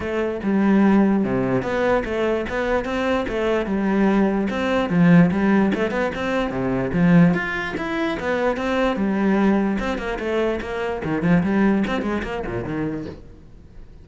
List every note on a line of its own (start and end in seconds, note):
0.00 0.40 A3
0.43 1.24 G3
1.24 1.62 C3
1.62 2.03 B3
2.04 2.45 A3
2.49 2.85 B3
2.85 3.25 C4
3.28 3.65 A3
3.65 4.47 G3
4.50 4.89 C4
4.89 5.30 F3
5.31 5.71 G3
5.74 5.90 A3
5.90 6.11 B3
6.14 6.50 C4
6.50 6.91 C3
6.93 7.34 F3
7.34 7.74 F4
7.77 8.17 E4
8.19 8.56 B3
8.56 8.96 C4
8.96 9.78 G3
9.79 9.98 C4
9.98 10.18 A#3
10.19 10.59 A3
10.61 11.01 A#3
11.04 11.22 D#3
11.22 11.42 F3
11.43 11.84 G3
11.87 12.02 C4
12.02 12.22 G#3
12.23 12.43 A#3
12.46 12.64 A#2
12.64 13.05 D#3